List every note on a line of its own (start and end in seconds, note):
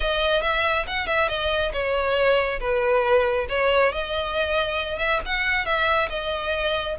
0.00 0.42 D#5
0.42 0.85 E5
0.87 1.07 F#5
1.07 1.28 E5
1.28 1.72 D#5
1.72 2.59 C#5
2.59 3.46 B4
3.49 3.92 C#5
3.92 4.98 D#5
4.98 5.20 E5
5.25 5.65 F#5
5.65 6.08 E5
6.09 6.96 D#5